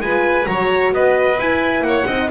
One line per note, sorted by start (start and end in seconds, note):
0.00 0.46 G#3
0.00 0.45 F4
0.00 0.49 B4
0.00 0.47 G#5
0.45 0.93 F#3
0.45 1.37 F#4
0.45 0.94 C#5
0.45 0.92 A#5
0.93 1.39 B3
0.93 1.87 B4
0.93 1.40 D#5
1.39 2.08 E4
1.39 1.81 E4
1.39 1.84 G#5
1.81 2.04 A#3
1.81 2.30 F#5
1.87 2.07 C#5
2.07 2.31 C4
2.07 2.31 D#4
2.07 2.30 D#5